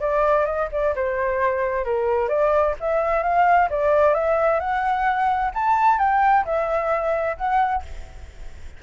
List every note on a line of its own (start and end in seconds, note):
0.00 0.45 D5
0.45 0.68 D#5
0.72 0.95 D5
0.95 1.84 C5
1.84 2.28 A#4
2.28 2.74 D5
2.80 3.23 E5
3.23 3.69 F5
3.70 4.14 D5
4.14 4.60 E5
4.60 5.51 F#5
5.54 5.99 A5
5.99 6.44 G5
6.45 7.36 E5
7.37 7.83 F#5